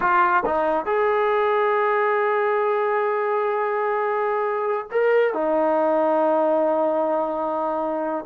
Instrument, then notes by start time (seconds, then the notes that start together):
trombone
0.00 F4
0.45 D#4
0.85 G#4
4.91 A#4
5.33 D#4